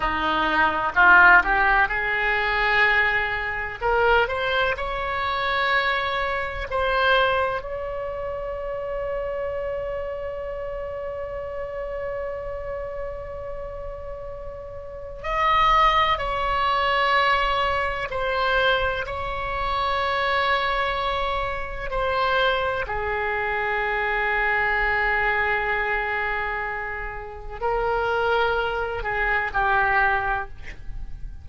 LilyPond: \new Staff \with { instrumentName = "oboe" } { \time 4/4 \tempo 4 = 63 dis'4 f'8 g'8 gis'2 | ais'8 c''8 cis''2 c''4 | cis''1~ | cis''1 |
dis''4 cis''2 c''4 | cis''2. c''4 | gis'1~ | gis'4 ais'4. gis'8 g'4 | }